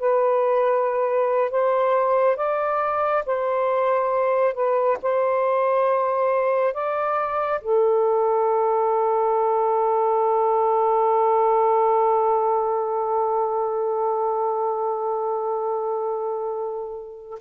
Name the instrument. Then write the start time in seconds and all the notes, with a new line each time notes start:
saxophone
0.00 B4
1.51 C5
2.37 D5
3.26 C5
4.54 B4
5.03 C5
6.74 D5
7.61 A4